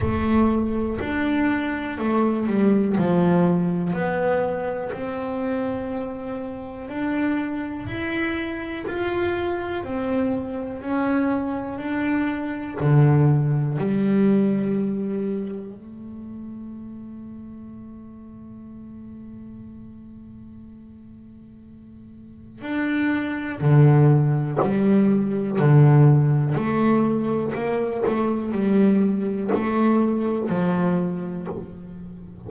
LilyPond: \new Staff \with { instrumentName = "double bass" } { \time 4/4 \tempo 4 = 61 a4 d'4 a8 g8 f4 | b4 c'2 d'4 | e'4 f'4 c'4 cis'4 | d'4 d4 g2 |
a1~ | a2. d'4 | d4 g4 d4 a4 | ais8 a8 g4 a4 f4 | }